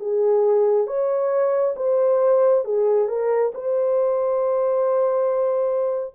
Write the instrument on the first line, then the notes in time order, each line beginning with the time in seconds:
horn
0.00 G#4
0.87 C#5
1.77 C5
2.65 G#4
3.08 A#4
3.55 C5